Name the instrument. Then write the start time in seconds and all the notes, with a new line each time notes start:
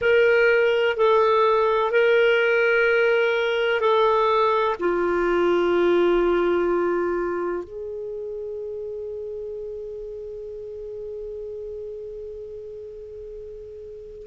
clarinet
0.01 A#4
0.96 A4
1.91 A#4
3.80 A4
4.79 F4
7.64 G#4